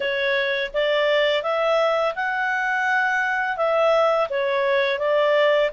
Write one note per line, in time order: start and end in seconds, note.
0.00 0.71 C#5
0.73 1.43 D5
1.43 2.14 E5
2.15 3.56 F#5
3.56 4.28 E5
4.29 4.98 C#5
4.98 5.70 D5